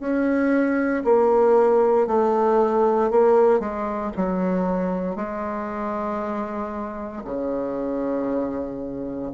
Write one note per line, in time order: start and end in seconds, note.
0.00 1.03 C#4
1.04 2.07 A#3
2.07 3.11 A3
3.11 3.60 A#3
3.60 4.12 G#3
4.17 5.16 F#3
5.16 7.23 G#3
7.25 9.32 C#3